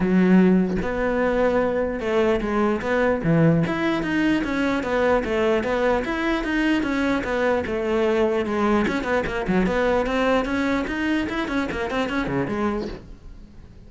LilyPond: \new Staff \with { instrumentName = "cello" } { \time 4/4 \tempo 4 = 149 fis2 b2~ | b4 a4 gis4 b4 | e4 e'4 dis'4 cis'4 | b4 a4 b4 e'4 |
dis'4 cis'4 b4 a4~ | a4 gis4 cis'8 b8 ais8 fis8 | b4 c'4 cis'4 dis'4 | e'8 cis'8 ais8 c'8 cis'8 cis8 gis4 | }